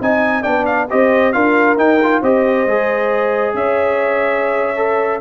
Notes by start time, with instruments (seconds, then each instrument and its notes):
0.00 tuba C4, trombone D#4, horn D#5, trumpet G#5
0.42 tuba B3, trombone D4, horn D5, trumpet G5
0.65 trumpet F5
0.89 tuba C4, trombone G4, horn C5, trumpet D#5
1.32 tuba D4, trombone F4, horn A#4, trumpet F5
1.76 tuba D#4, trombone D#4, trumpet G5
2.03 trombone F4
2.21 tuba C4, trombone G4, horn C5, trumpet D#5
2.66 tuba G#3, trombone G#4
3.54 tuba C#4, horn C#5, trumpet E5
4.76 trombone A4